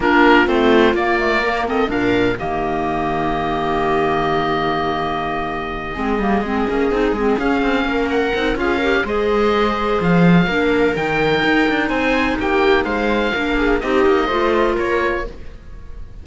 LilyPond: <<
  \new Staff \with { instrumentName = "oboe" } { \time 4/4 \tempo 4 = 126 ais'4 c''4 d''4. dis''8 | f''4 dis''2.~ | dis''1~ | dis''2.~ dis''8 f''8~ |
f''4 fis''4 f''4 dis''4~ | dis''4 f''2 g''4~ | g''4 gis''4 g''4 f''4~ | f''4 dis''2 cis''4 | }
  \new Staff \with { instrumentName = "viola" } { \time 4/4 f'2. ais'8 a'8 | ais'4 g'2.~ | g'1~ | g'8 gis'2.~ gis'8~ |
gis'8 ais'4. gis'8 ais'8 c''4~ | c''2 ais'2~ | ais'4 c''4 g'4 c''4 | ais'8 gis'8 g'4 c''4 ais'4 | }
  \new Staff \with { instrumentName = "clarinet" } { \time 4/4 d'4 c'4 ais8 a8 ais8 c'8 | d'4 ais2.~ | ais1~ | ais8 c'8 ais8 c'8 cis'8 dis'8 c'8 cis'8~ |
cis'4. dis'8 f'8 g'8 gis'4~ | gis'2 d'4 dis'4~ | dis'1 | d'4 dis'4 f'2 | }
  \new Staff \with { instrumentName = "cello" } { \time 4/4 ais4 a4 ais2 | ais,4 dis2.~ | dis1~ | dis8 gis8 g8 gis8 ais8 c'8 gis8 cis'8 |
c'8 ais4 c'8 cis'4 gis4~ | gis4 f4 ais4 dis4 | dis'8 d'8 c'4 ais4 gis4 | ais4 c'8 ais8 a4 ais4 | }
>>